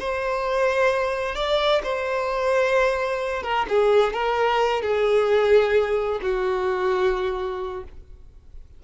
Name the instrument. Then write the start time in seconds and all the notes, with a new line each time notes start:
violin
0.00 C5
1.36 D5
1.84 C5
3.43 A#4
3.69 G#4
4.13 A#4
4.82 G#4
6.22 F#4